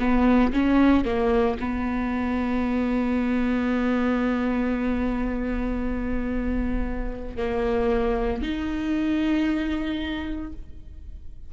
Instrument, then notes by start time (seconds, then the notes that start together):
viola
0.00 B3
0.53 C#4
1.05 A#3
1.60 B3
7.37 A#3
8.42 D#4